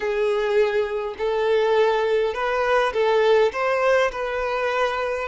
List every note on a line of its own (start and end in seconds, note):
0.00 1.14 G#4
1.18 2.34 A4
2.34 2.93 B4
2.93 3.51 A4
3.52 4.11 C5
4.11 5.28 B4